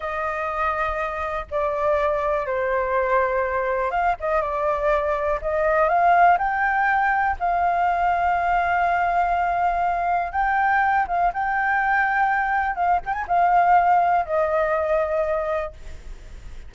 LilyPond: \new Staff \with { instrumentName = "flute" } { \time 4/4 \tempo 4 = 122 dis''2. d''4~ | d''4 c''2. | f''8 dis''8 d''2 dis''4 | f''4 g''2 f''4~ |
f''1~ | f''4 g''4. f''8 g''4~ | g''2 f''8 g''16 gis''16 f''4~ | f''4 dis''2. | }